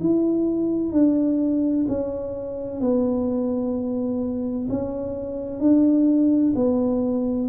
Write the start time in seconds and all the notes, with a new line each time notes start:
0.00 E4
0.92 D4
1.88 C#4
2.81 B3
4.69 C#4
5.60 D4
6.56 B3